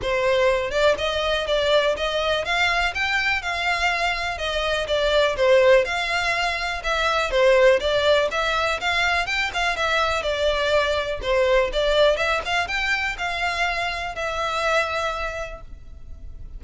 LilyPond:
\new Staff \with { instrumentName = "violin" } { \time 4/4 \tempo 4 = 123 c''4. d''8 dis''4 d''4 | dis''4 f''4 g''4 f''4~ | f''4 dis''4 d''4 c''4 | f''2 e''4 c''4 |
d''4 e''4 f''4 g''8 f''8 | e''4 d''2 c''4 | d''4 e''8 f''8 g''4 f''4~ | f''4 e''2. | }